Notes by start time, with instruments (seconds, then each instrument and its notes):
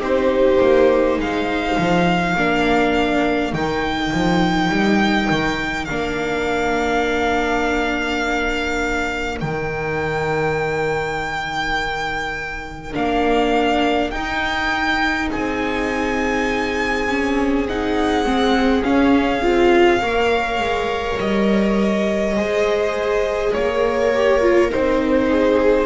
0.00 double bass C4, viola D#4 G4, violin C5
0.62 double bass A#3
1.18 double bass G#3, viola C5, violin F5
1.78 double bass F3
2.36 double bass A#3, viola D4 A#4
3.53 double bass D#3, viola D#4, violin G5
4.13 double bass F3
4.70 double bass G3
5.31 double bass D#3
5.86 double bass A#3, viola D4, violin F5
9.41 double bass D#3, viola D#4, violin G5
12.94 double bass A#3, viola D4, violin F5
14.11 double bass D#4, viola D#4, violin G5
15.31 double bass C4, viola G#4, violin G#5
17.09 viola C#4
17.69 viola D#4, violin F#5
18.26 double bass G#3, viola C4
18.84 viola C#4, double bass C#4, violin F5
19.43 double bass C4, viola F4
20.01 double bass A#3, viola A#4 C#5
20.60 double bass G#3
21.19 double bass G3, violin D#5
22.36 double bass G#3, viola G#4 C5
23.54 double bass A#3, viola A#4, violin C#5
24.15 viola G4
24.42 viola F4
24.71 double bass C4, viola D#4, violin C5
25.31 viola G#4